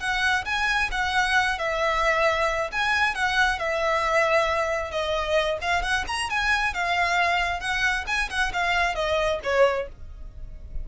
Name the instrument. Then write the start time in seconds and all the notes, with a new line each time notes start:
violin
0.00 F#5
0.45 G#5
0.91 F#5
1.59 E5
2.72 G#5
3.15 F#5
3.59 E5
4.91 D#5
5.62 F5
5.82 F#5
6.07 A#5
6.30 G#5
6.74 F5
7.60 F#5
8.07 G#5
8.30 F#5
8.53 F5
8.95 D#5
9.43 C#5